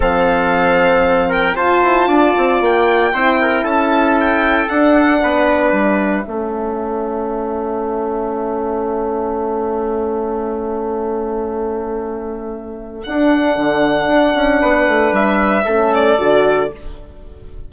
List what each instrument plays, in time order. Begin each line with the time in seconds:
0.00 bassoon F3, horn C4, trumpet A4, violin F5
1.29 trumpet A#4, violin G5
1.55 bassoon F4, horn F4, trumpet C5, violin A5
1.82 bassoon E4
2.07 bassoon D4, trumpet D5
2.37 bassoon C4
2.60 bassoon A#3, violin G5
3.13 bassoon C4, horn E4, trumpet C5
3.41 trumpet A#4
3.63 bassoon C#4, trumpet A4, violin A5
4.20 violin G5
4.69 horn D4, bassoon D4, violin F#5
5.22 bassoon B3, trumpet B4
5.72 bassoon G3, violin E5
6.24 bassoon A3, horn C#4, trumpet A4
13.03 horn D4, bassoon D4, violin F#5
13.57 bassoon D3
14.07 bassoon D4
14.35 bassoon C#4
14.61 bassoon B3, trumpet B4
14.87 bassoon A3
15.12 bassoon G3, violin E5
15.65 bassoon A3, horn C#4, trumpet A4
15.94 violin D5
16.18 bassoon D3, horn F#4